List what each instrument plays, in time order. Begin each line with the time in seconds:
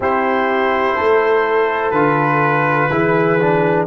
0.00 tuba C4, trombone E4, horn G4, trumpet C5
0.96 tuba A3, horn A4
1.91 tuba D3, trombone F4, trumpet B4
2.90 tuba E3, trombone E4, horn G#4
3.39 trombone D4